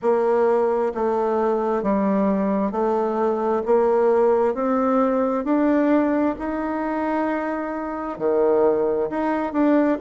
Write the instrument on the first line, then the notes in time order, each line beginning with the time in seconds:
bassoon
0.02 A#3
0.94 A3
1.82 G3
2.71 A3
3.65 A#3
4.54 C4
5.44 D4
6.38 D#4
8.18 D#3
9.10 D#4
9.52 D4